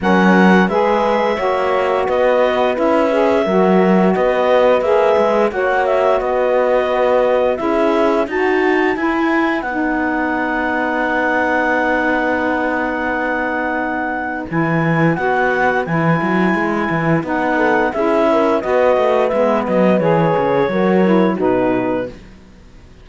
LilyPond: <<
  \new Staff \with { instrumentName = "clarinet" } { \time 4/4 \tempo 4 = 87 fis''4 e''2 dis''4 | e''2 dis''4 e''4 | fis''8 e''8 dis''2 e''4 | a''4 gis''4 fis''2~ |
fis''1~ | fis''4 gis''4 fis''4 gis''4~ | gis''4 fis''4 e''4 dis''4 | e''8 dis''8 cis''2 b'4 | }
  \new Staff \with { instrumentName = "horn" } { \time 4/4 ais'4 b'4 cis''4 b'4~ | b'4 ais'4 b'2 | cis''4 b'2 gis'4 | fis'4 b'2.~ |
b'1~ | b'1~ | b'4. a'8 gis'8 ais'8 b'4~ | b'2 ais'4 fis'4 | }
  \new Staff \with { instrumentName = "saxophone" } { \time 4/4 cis'4 gis'4 fis'2 | e'8 gis'8 fis'2 gis'4 | fis'2. e'4 | fis'4 e'4 dis'2~ |
dis'1~ | dis'4 e'4 fis'4 e'4~ | e'4 dis'4 e'4 fis'4 | b4 gis'4 fis'8 e'8 dis'4 | }
  \new Staff \with { instrumentName = "cello" } { \time 4/4 fis4 gis4 ais4 b4 | cis'4 fis4 b4 ais8 gis8 | ais4 b2 cis'4 | dis'4 e'4 b2~ |
b1~ | b4 e4 b4 e8 fis8 | gis8 e8 b4 cis'4 b8 a8 | gis8 fis8 e8 cis8 fis4 b,4 | }
>>